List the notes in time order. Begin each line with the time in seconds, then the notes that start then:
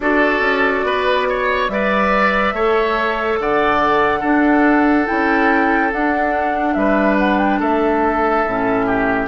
0.00 D4 F#4 A4 D5
0.40 C#4
0.83 B3 B4
1.29 C#5
1.68 G3 B4 D5 E5
2.52 A3 A4 C#5
3.39 D3 D5 F#5
4.19 D4 A4
5.06 C#4 E4 G5
5.92 D4 F#5
6.73 G3 B4 E5
7.18 F#5
7.37 G5
7.59 A3 A4 E5
8.45 A2 C#4
8.86 G4